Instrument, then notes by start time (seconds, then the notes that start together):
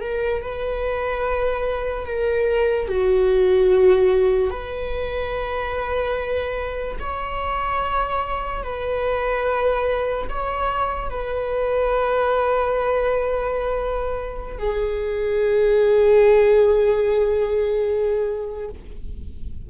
viola
0.00 A#4
0.41 B4
2.05 A#4
2.88 F#4
4.50 B4
6.99 C#5
8.62 B4
10.29 C#5
11.09 B4
14.58 G#4